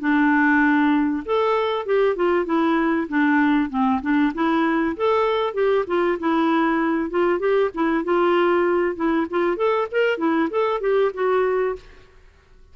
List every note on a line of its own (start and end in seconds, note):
0.00 1.24 D4
1.26 1.86 A4
1.86 2.16 G4
2.16 2.46 F4
2.46 3.08 E4
3.09 3.70 D4
3.70 4.01 C4
4.02 4.33 D4
4.34 4.96 E4
4.97 5.54 A4
5.54 5.85 G4
5.87 6.18 F4
6.20 7.10 E4
7.10 7.39 F4
7.39 7.70 G4
7.74 8.04 E4
8.04 8.96 F4
8.96 9.27 E4
9.30 9.57 F4
9.57 9.88 A4
9.92 10.18 A#4
10.18 10.49 E4
10.50 10.81 A4
10.81 11.12 G4
11.14 11.76 F#4